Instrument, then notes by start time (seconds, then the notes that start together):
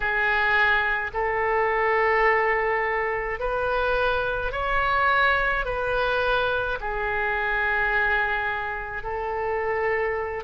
oboe
0.00 G#4
1.13 A4
3.40 B4
4.51 C#5
5.65 B4
6.80 G#4
9.03 A4